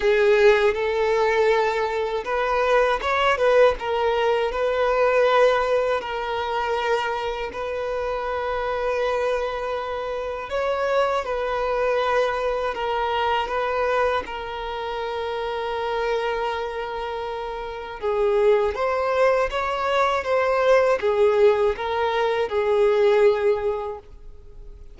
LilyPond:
\new Staff \with { instrumentName = "violin" } { \time 4/4 \tempo 4 = 80 gis'4 a'2 b'4 | cis''8 b'8 ais'4 b'2 | ais'2 b'2~ | b'2 cis''4 b'4~ |
b'4 ais'4 b'4 ais'4~ | ais'1 | gis'4 c''4 cis''4 c''4 | gis'4 ais'4 gis'2 | }